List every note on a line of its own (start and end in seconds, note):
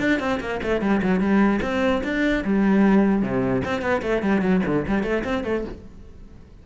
0.00 0.20 D4
0.20 0.40 C4
0.41 0.61 A#3
0.63 0.82 A3
0.82 1.02 G3
1.03 1.20 F#3
1.20 1.61 G3
1.63 2.03 C4
2.04 2.44 D4
2.45 3.23 G3
3.23 3.63 C3
3.65 3.82 C4
3.82 4.02 B3
4.02 4.23 A3
4.23 4.42 G3
4.42 4.62 F#3
4.66 4.87 D3
4.88 5.04 G3
5.04 5.24 A3
5.24 5.44 C4
5.45 5.65 A3